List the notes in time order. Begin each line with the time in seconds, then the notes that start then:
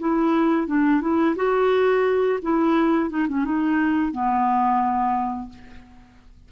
0.00 E4
0.67 D4
1.02 E4
1.36 F#4
2.43 E4
3.10 D#4
3.29 C#4
3.45 D#4
4.12 B3